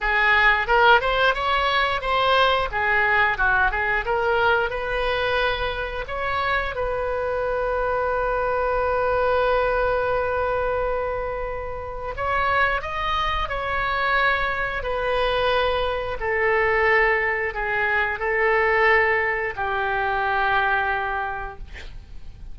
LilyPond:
\new Staff \with { instrumentName = "oboe" } { \time 4/4 \tempo 4 = 89 gis'4 ais'8 c''8 cis''4 c''4 | gis'4 fis'8 gis'8 ais'4 b'4~ | b'4 cis''4 b'2~ | b'1~ |
b'2 cis''4 dis''4 | cis''2 b'2 | a'2 gis'4 a'4~ | a'4 g'2. | }